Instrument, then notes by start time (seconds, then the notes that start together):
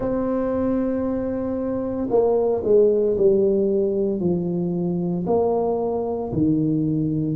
tuba
0.00 C4
2.10 A#3
2.64 G#3
3.17 G3
4.20 F3
5.26 A#3
6.33 D#3